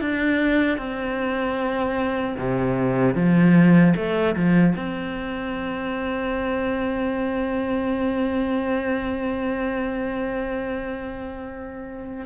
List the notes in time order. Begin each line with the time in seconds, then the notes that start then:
0.00 D4
0.78 C4
2.38 C3
3.15 F3
3.96 A3
4.35 F3
4.75 C4